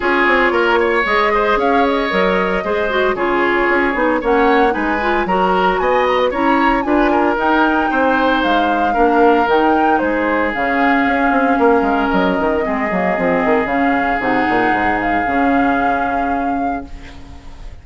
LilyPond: <<
  \new Staff \with { instrumentName = "flute" } { \time 4/4 \tempo 4 = 114 cis''2 dis''4 f''8 dis''8~ | dis''2 cis''2 | fis''4 gis''4 ais''4 gis''8 ais''16 b'16 | ais''4 gis''4 g''2 |
f''2 g''4 c''4 | f''2. dis''4~ | dis''2 f''4 fis''4~ | fis''8 f''2.~ f''8 | }
  \new Staff \with { instrumentName = "oboe" } { \time 4/4 gis'4 ais'8 cis''4 c''8 cis''4~ | cis''4 c''4 gis'2 | cis''4 b'4 ais'4 dis''4 | cis''4 b'8 ais'4. c''4~ |
c''4 ais'2 gis'4~ | gis'2 ais'2 | gis'1~ | gis'1 | }
  \new Staff \with { instrumentName = "clarinet" } { \time 4/4 f'2 gis'2 | ais'4 gis'8 fis'8 f'4. dis'8 | cis'4 dis'8 f'8 fis'2 | e'4 f'4 dis'2~ |
dis'4 d'4 dis'2 | cis'1 | c'8 ais8 c'4 cis'4 dis'4~ | dis'4 cis'2. | }
  \new Staff \with { instrumentName = "bassoon" } { \time 4/4 cis'8 c'8 ais4 gis4 cis'4 | fis4 gis4 cis4 cis'8 b8 | ais4 gis4 fis4 b4 | cis'4 d'4 dis'4 c'4 |
gis4 ais4 dis4 gis4 | cis4 cis'8 c'8 ais8 gis8 fis8 dis8 | gis8 fis8 f8 dis8 cis4 c8 ais,8 | gis,4 cis2. | }
>>